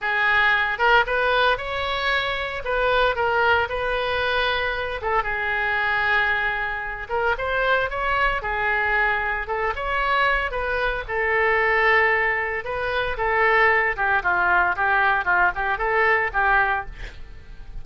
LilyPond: \new Staff \with { instrumentName = "oboe" } { \time 4/4 \tempo 4 = 114 gis'4. ais'8 b'4 cis''4~ | cis''4 b'4 ais'4 b'4~ | b'4. a'8 gis'2~ | gis'4. ais'8 c''4 cis''4 |
gis'2 a'8 cis''4. | b'4 a'2. | b'4 a'4. g'8 f'4 | g'4 f'8 g'8 a'4 g'4 | }